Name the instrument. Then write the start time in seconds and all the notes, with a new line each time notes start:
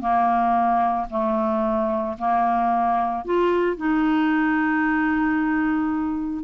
clarinet
0.00 A#3
1.10 A3
2.18 A#3
3.25 F4
3.77 D#4